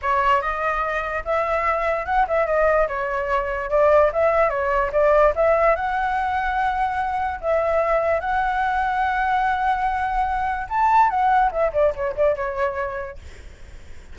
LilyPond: \new Staff \with { instrumentName = "flute" } { \time 4/4 \tempo 4 = 146 cis''4 dis''2 e''4~ | e''4 fis''8 e''8 dis''4 cis''4~ | cis''4 d''4 e''4 cis''4 | d''4 e''4 fis''2~ |
fis''2 e''2 | fis''1~ | fis''2 a''4 fis''4 | e''8 d''8 cis''8 d''8 cis''2 | }